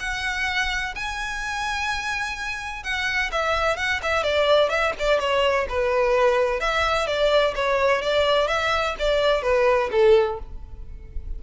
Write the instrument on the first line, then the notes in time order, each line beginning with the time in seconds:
violin
0.00 F#5
0.95 G#5
2.84 F#5
3.32 E5
3.77 F#5
4.03 E5
4.23 D5
4.70 E5
4.99 D5
5.19 C#5
5.69 B4
6.60 E5
7.07 D5
7.56 C#5
8.02 D5
8.48 E5
8.99 D5
9.43 B4
9.92 A4